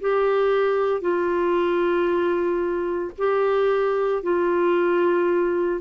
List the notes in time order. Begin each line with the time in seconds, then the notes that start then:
0.00 G4
1.01 F4
3.18 G4
4.22 F4